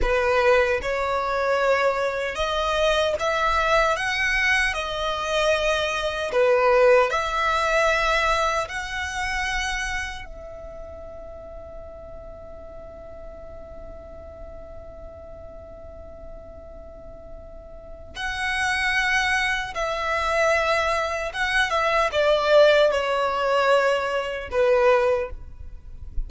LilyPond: \new Staff \with { instrumentName = "violin" } { \time 4/4 \tempo 4 = 76 b'4 cis''2 dis''4 | e''4 fis''4 dis''2 | b'4 e''2 fis''4~ | fis''4 e''2.~ |
e''1~ | e''2. fis''4~ | fis''4 e''2 fis''8 e''8 | d''4 cis''2 b'4 | }